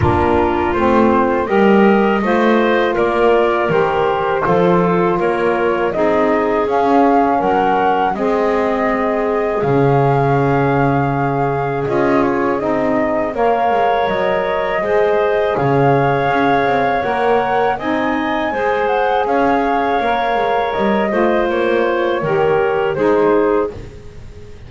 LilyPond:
<<
  \new Staff \with { instrumentName = "flute" } { \time 4/4 \tempo 4 = 81 ais'4 c''4 dis''2 | d''4 c''2 cis''4 | dis''4 f''4 fis''4 dis''4~ | dis''4 f''2. |
dis''8 cis''8 dis''4 f''4 dis''4~ | dis''4 f''2 fis''4 | gis''4. fis''8 f''2 | dis''4 cis''2 c''4 | }
  \new Staff \with { instrumentName = "clarinet" } { \time 4/4 f'2 ais'4 c''4 | ais'2 a'4 ais'4 | gis'2 ais'4 gis'4~ | gis'1~ |
gis'2 cis''2 | c''4 cis''2. | dis''4 c''4 cis''2~ | cis''8 c''4. ais'4 gis'4 | }
  \new Staff \with { instrumentName = "saxophone" } { \time 4/4 d'4 c'4 g'4 f'4~ | f'4 g'4 f'2 | dis'4 cis'2 c'4~ | c'4 cis'2. |
f'4 dis'4 ais'2 | gis'2. ais'4 | dis'4 gis'2 ais'4~ | ais'8 f'4. g'4 dis'4 | }
  \new Staff \with { instrumentName = "double bass" } { \time 4/4 ais4 a4 g4 a4 | ais4 dis4 f4 ais4 | c'4 cis'4 fis4 gis4~ | gis4 cis2. |
cis'4 c'4 ais8 gis8 fis4 | gis4 cis4 cis'8 c'8 ais4 | c'4 gis4 cis'4 ais8 gis8 | g8 a8 ais4 dis4 gis4 | }
>>